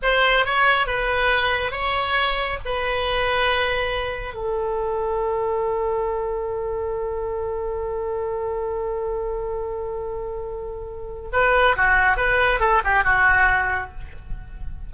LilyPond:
\new Staff \with { instrumentName = "oboe" } { \time 4/4 \tempo 4 = 138 c''4 cis''4 b'2 | cis''2 b'2~ | b'2 a'2~ | a'1~ |
a'1~ | a'1~ | a'2 b'4 fis'4 | b'4 a'8 g'8 fis'2 | }